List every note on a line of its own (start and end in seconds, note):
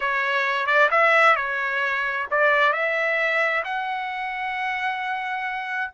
0.00 0.66 C#5
0.66 0.89 D5
0.90 1.36 E5
1.36 2.26 C#5
2.31 2.72 D5
2.72 3.63 E5
3.64 5.91 F#5